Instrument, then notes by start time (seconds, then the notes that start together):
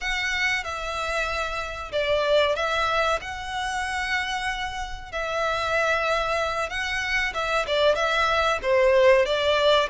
violin
0.00 F#5
0.64 E5
1.91 D5
2.55 E5
3.21 F#5
5.12 E5
6.69 F#5
7.34 E5
7.67 D5
7.95 E5
8.62 C5
9.25 D5